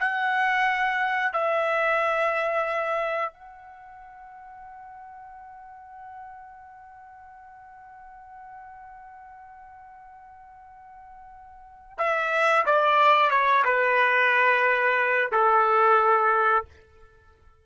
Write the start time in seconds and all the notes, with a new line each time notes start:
0.00 F#5
1.33 E5
3.33 F#5
11.98 E5
12.66 D5
13.30 C#5
13.65 B4
15.32 A4